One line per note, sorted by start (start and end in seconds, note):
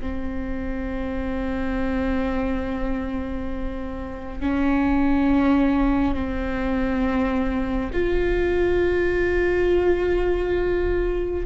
0.00 4.40 C4
4.40 6.14 C#4
6.14 7.91 C4
7.93 11.46 F4